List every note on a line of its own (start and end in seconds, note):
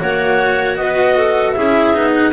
0.00 0.78 A#3
0.00 1.56 F#4
0.00 0.79 C#5
0.00 0.77 F#5
0.77 1.56 B3
0.77 1.17 B4
0.77 1.52 D#5
1.17 1.56 A4
1.52 1.96 C#4
1.52 1.94 E4
1.52 2.33 G#4
1.52 2.10 E5
1.94 2.33 B3
1.94 2.33 D#4
2.15 2.33 F#5